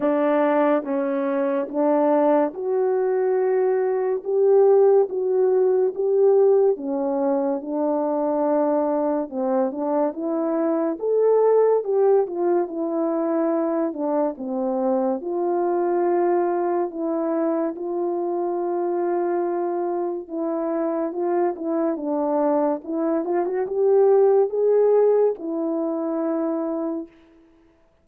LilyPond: \new Staff \with { instrumentName = "horn" } { \time 4/4 \tempo 4 = 71 d'4 cis'4 d'4 fis'4~ | fis'4 g'4 fis'4 g'4 | cis'4 d'2 c'8 d'8 | e'4 a'4 g'8 f'8 e'4~ |
e'8 d'8 c'4 f'2 | e'4 f'2. | e'4 f'8 e'8 d'4 e'8 f'16 fis'16 | g'4 gis'4 e'2 | }